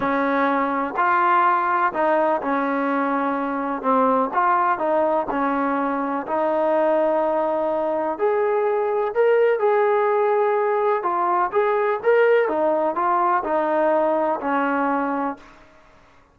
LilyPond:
\new Staff \with { instrumentName = "trombone" } { \time 4/4 \tempo 4 = 125 cis'2 f'2 | dis'4 cis'2. | c'4 f'4 dis'4 cis'4~ | cis'4 dis'2.~ |
dis'4 gis'2 ais'4 | gis'2. f'4 | gis'4 ais'4 dis'4 f'4 | dis'2 cis'2 | }